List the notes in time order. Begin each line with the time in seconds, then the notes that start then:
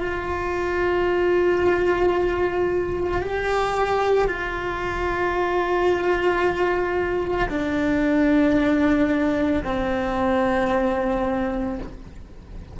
0.00 F4
3.21 G4
4.28 F4
7.50 D4
9.64 C4